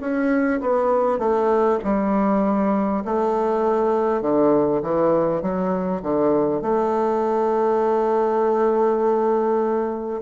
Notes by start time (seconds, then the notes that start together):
0.00 C#4
0.61 B3
1.19 A3
1.84 G3
3.04 A3
4.22 D3
4.82 E3
5.42 F#3
6.02 D3
6.61 A3